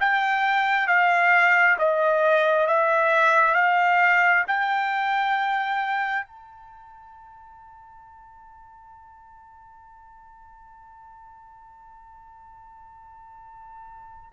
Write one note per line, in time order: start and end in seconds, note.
0.00 0.87 G5
0.87 1.77 F5
1.78 2.67 D#5
2.67 3.54 E5
3.54 4.44 F5
4.47 6.26 G5
6.26 14.32 A5